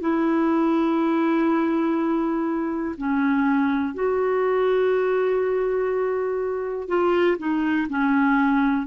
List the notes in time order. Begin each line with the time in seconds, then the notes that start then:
0.00 E4
2.97 C#4
3.94 F#4
6.88 F4
7.38 D#4
7.89 C#4